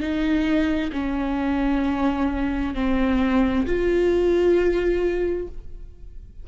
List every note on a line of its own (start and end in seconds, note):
0.00 0.91 D#4
0.93 2.74 C#4
2.75 3.66 C4
3.66 5.48 F4